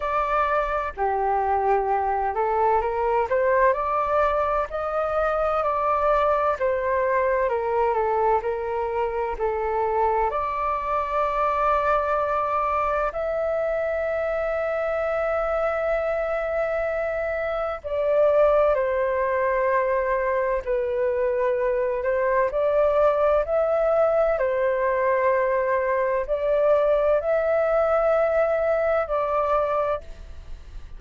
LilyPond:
\new Staff \with { instrumentName = "flute" } { \time 4/4 \tempo 4 = 64 d''4 g'4. a'8 ais'8 c''8 | d''4 dis''4 d''4 c''4 | ais'8 a'8 ais'4 a'4 d''4~ | d''2 e''2~ |
e''2. d''4 | c''2 b'4. c''8 | d''4 e''4 c''2 | d''4 e''2 d''4 | }